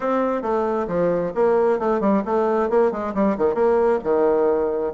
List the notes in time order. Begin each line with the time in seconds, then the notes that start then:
0.00 C4
0.42 A3
0.87 F3
1.34 A#3
1.79 A3
2.00 G3
2.25 A3
2.69 A#3
2.91 G#3
3.14 G3
3.37 D#3
3.54 A#3
4.03 D#3